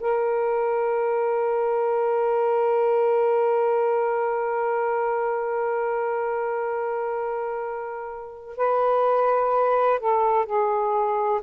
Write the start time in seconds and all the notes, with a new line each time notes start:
0.00 A#4
8.57 B4
10.00 A4
10.45 G#4